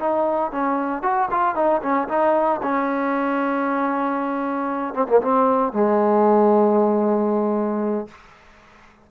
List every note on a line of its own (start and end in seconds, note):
0.00 0.52 D#4
0.52 1.03 C#4
1.03 1.29 F#4
1.31 1.55 F4
1.55 1.81 D#4
1.82 2.08 C#4
2.09 2.61 D#4
2.63 4.94 C#4
4.94 5.08 C4
5.08 5.22 A#3
5.22 5.73 C4
5.73 8.08 G#3